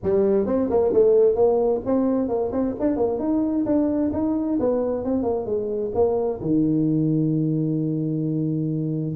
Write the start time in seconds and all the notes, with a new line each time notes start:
0.03 G3
0.46 C4
0.70 A#3
0.93 A3
1.35 A#3
1.85 C4
2.28 A#3
2.51 C4
2.79 D4
2.96 A#3
3.19 D#4
3.65 D4
4.12 D#4
4.59 B3
5.04 C4
5.22 A#3
5.45 G#3
5.94 A#3
6.40 D#3